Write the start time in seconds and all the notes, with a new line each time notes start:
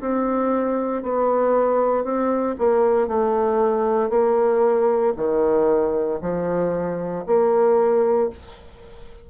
0.00 C4
1.03 B3
2.04 C4
2.58 A#3
3.08 A3
4.10 A#3
5.16 D#3
6.21 F3
7.26 A#3